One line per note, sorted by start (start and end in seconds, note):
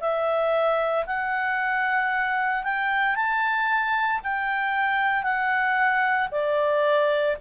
0.00 1.05 E5
1.06 2.63 F#5
2.63 3.15 G5
3.15 4.21 A5
4.23 5.23 G5
5.23 6.28 F#5
6.31 7.36 D5